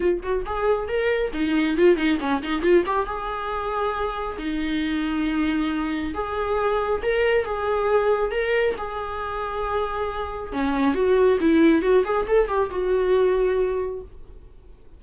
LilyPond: \new Staff \with { instrumentName = "viola" } { \time 4/4 \tempo 4 = 137 f'8 fis'8 gis'4 ais'4 dis'4 | f'8 dis'8 cis'8 dis'8 f'8 g'8 gis'4~ | gis'2 dis'2~ | dis'2 gis'2 |
ais'4 gis'2 ais'4 | gis'1 | cis'4 fis'4 e'4 fis'8 gis'8 | a'8 g'8 fis'2. | }